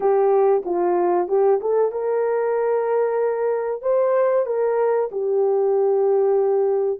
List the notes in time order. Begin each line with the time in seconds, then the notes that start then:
0.00 G4
0.65 F4
1.28 G4
1.60 A4
1.91 A#4
3.82 C5
4.45 A#4
5.11 G4